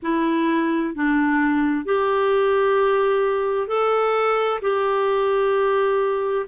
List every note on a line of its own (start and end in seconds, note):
0.02 0.94 E4
0.94 1.85 D4
1.85 3.67 G4
3.67 4.59 A4
4.61 6.46 G4